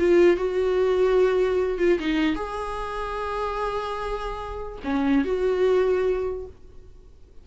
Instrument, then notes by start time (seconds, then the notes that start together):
viola
0.00 F4
0.37 F#4
1.79 F4
2.00 D#4
2.36 G#4
4.85 C#4
5.25 F#4